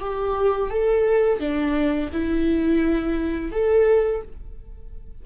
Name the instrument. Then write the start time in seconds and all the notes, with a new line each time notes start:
viola
0.00 G4
0.70 A4
1.40 D4
2.12 E4
3.52 A4